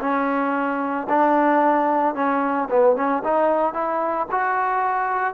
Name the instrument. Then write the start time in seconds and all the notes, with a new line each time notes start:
trombone
0.00 C#4
1.09 D4
2.15 C#4
2.70 B3
2.96 C#4
3.24 D#4
3.73 E4
4.31 F#4